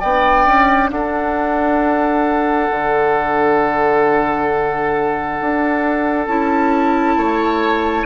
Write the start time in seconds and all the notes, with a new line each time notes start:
0.00 B3 D4 D5 G5
0.46 C#4
0.91 D4 A4 F#5
2.71 D3
5.41 D4
6.27 C#4 E4 A5
7.17 A3 C#5